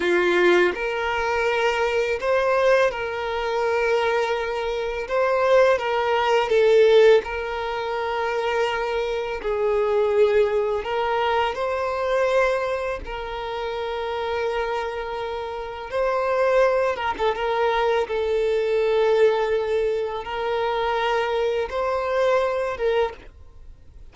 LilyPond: \new Staff \with { instrumentName = "violin" } { \time 4/4 \tempo 4 = 83 f'4 ais'2 c''4 | ais'2. c''4 | ais'4 a'4 ais'2~ | ais'4 gis'2 ais'4 |
c''2 ais'2~ | ais'2 c''4. ais'16 a'16 | ais'4 a'2. | ais'2 c''4. ais'8 | }